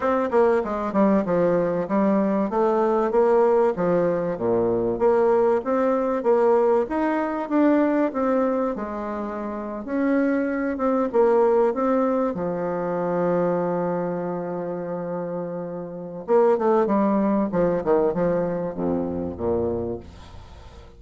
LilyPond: \new Staff \with { instrumentName = "bassoon" } { \time 4/4 \tempo 4 = 96 c'8 ais8 gis8 g8 f4 g4 | a4 ais4 f4 ais,4 | ais4 c'4 ais4 dis'4 | d'4 c'4 gis4.~ gis16 cis'16~ |
cis'4~ cis'16 c'8 ais4 c'4 f16~ | f1~ | f2 ais8 a8 g4 | f8 dis8 f4 f,4 ais,4 | }